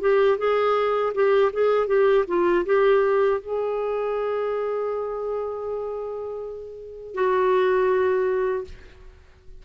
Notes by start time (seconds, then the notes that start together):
0.00 G4
0.38 G#4
1.14 G4
1.52 G#4
1.87 G4
2.27 F4
2.66 G4
3.41 G#4
7.14 F#4